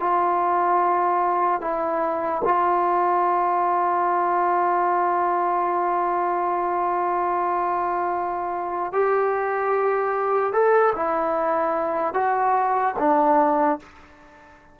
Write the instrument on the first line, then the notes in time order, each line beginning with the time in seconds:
trombone
0.00 F4
1.61 E4
2.44 F4
8.93 G4
10.53 A4
10.96 E4
12.14 F#4
12.98 D4